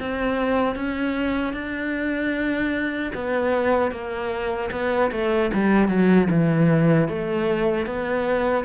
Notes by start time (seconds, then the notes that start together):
0.00 C4
0.76 C#4
1.54 D4
3.15 B3
3.92 A#3
4.72 B3
5.12 A3
5.54 G3
5.89 F#3
6.31 E3
7.09 A3
7.87 B3